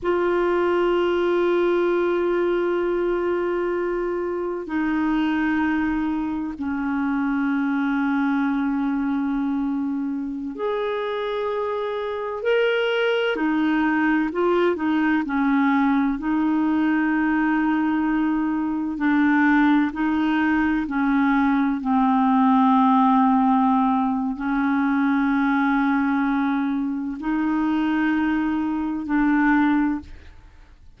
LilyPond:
\new Staff \with { instrumentName = "clarinet" } { \time 4/4 \tempo 4 = 64 f'1~ | f'4 dis'2 cis'4~ | cis'2.~ cis'16 gis'8.~ | gis'4~ gis'16 ais'4 dis'4 f'8 dis'16~ |
dis'16 cis'4 dis'2~ dis'8.~ | dis'16 d'4 dis'4 cis'4 c'8.~ | c'2 cis'2~ | cis'4 dis'2 d'4 | }